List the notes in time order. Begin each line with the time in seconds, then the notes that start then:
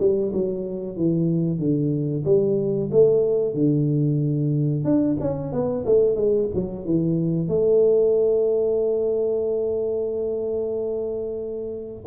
0.00 G3
0.33 F#3
0.97 E3
1.59 D3
2.25 G3
2.92 A3
3.54 D3
4.85 D4
5.21 C#4
5.53 B3
5.86 A3
6.16 G#3
6.55 F#3
6.86 E3
7.49 A3